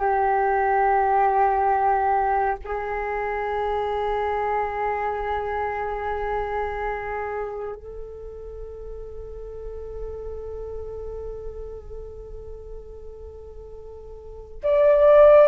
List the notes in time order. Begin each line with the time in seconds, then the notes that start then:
0.00 G4
2.64 G#4
7.75 A4
14.63 D5